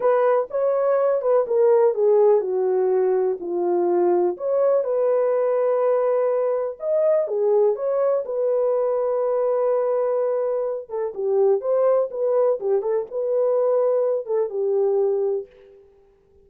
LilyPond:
\new Staff \with { instrumentName = "horn" } { \time 4/4 \tempo 4 = 124 b'4 cis''4. b'8 ais'4 | gis'4 fis'2 f'4~ | f'4 cis''4 b'2~ | b'2 dis''4 gis'4 |
cis''4 b'2.~ | b'2~ b'8 a'8 g'4 | c''4 b'4 g'8 a'8 b'4~ | b'4. a'8 g'2 | }